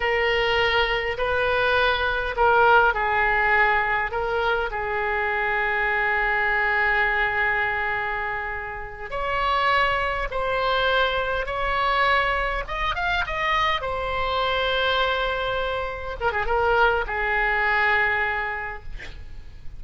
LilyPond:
\new Staff \with { instrumentName = "oboe" } { \time 4/4 \tempo 4 = 102 ais'2 b'2 | ais'4 gis'2 ais'4 | gis'1~ | gis'2.~ gis'8 cis''8~ |
cis''4. c''2 cis''8~ | cis''4. dis''8 f''8 dis''4 c''8~ | c''2.~ c''8 ais'16 gis'16 | ais'4 gis'2. | }